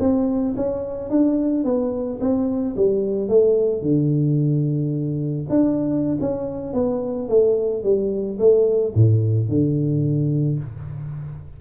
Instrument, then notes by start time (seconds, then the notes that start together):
tuba
0.00 C4
0.57 C#4
1.10 D4
1.65 B3
2.21 C4
2.76 G3
3.29 A3
3.82 D3
5.50 D4
6.21 C#4
6.74 B3
7.29 A3
7.84 G3
8.39 A3
8.95 A2
9.49 D3